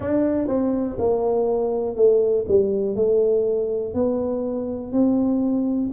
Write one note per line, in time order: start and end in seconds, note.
0.00 0.47 D4
0.47 0.97 C4
0.98 1.96 A#3
1.96 2.45 A3
2.48 2.95 G3
2.95 3.93 A3
3.93 4.92 B3
4.92 5.90 C4